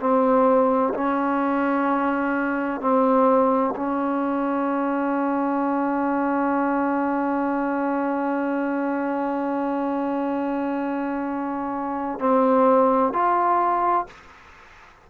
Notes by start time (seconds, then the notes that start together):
0.00 C4
0.95 C#4
2.80 C4
3.76 C#4
12.20 C4
13.13 F4